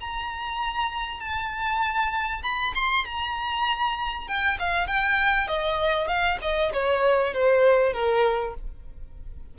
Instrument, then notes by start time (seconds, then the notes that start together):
violin
0.00 A#5
1.20 A5
2.43 B5
2.75 C6
3.05 A#5
4.27 G5
4.59 F5
4.87 G5
5.47 D#5
6.08 F5
6.41 D#5
6.73 C#5
7.34 C5
7.93 A#4